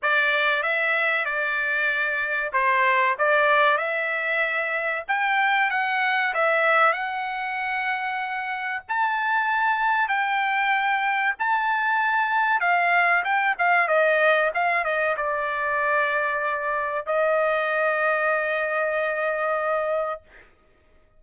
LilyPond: \new Staff \with { instrumentName = "trumpet" } { \time 4/4 \tempo 4 = 95 d''4 e''4 d''2 | c''4 d''4 e''2 | g''4 fis''4 e''4 fis''4~ | fis''2 a''2 |
g''2 a''2 | f''4 g''8 f''8 dis''4 f''8 dis''8 | d''2. dis''4~ | dis''1 | }